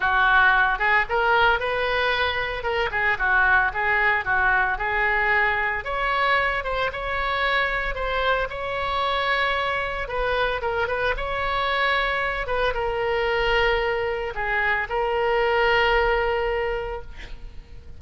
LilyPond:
\new Staff \with { instrumentName = "oboe" } { \time 4/4 \tempo 4 = 113 fis'4. gis'8 ais'4 b'4~ | b'4 ais'8 gis'8 fis'4 gis'4 | fis'4 gis'2 cis''4~ | cis''8 c''8 cis''2 c''4 |
cis''2. b'4 | ais'8 b'8 cis''2~ cis''8 b'8 | ais'2. gis'4 | ais'1 | }